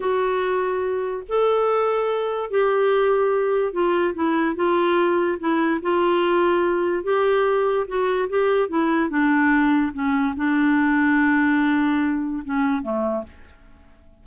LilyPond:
\new Staff \with { instrumentName = "clarinet" } { \time 4/4 \tempo 4 = 145 fis'2. a'4~ | a'2 g'2~ | g'4 f'4 e'4 f'4~ | f'4 e'4 f'2~ |
f'4 g'2 fis'4 | g'4 e'4 d'2 | cis'4 d'2.~ | d'2 cis'4 a4 | }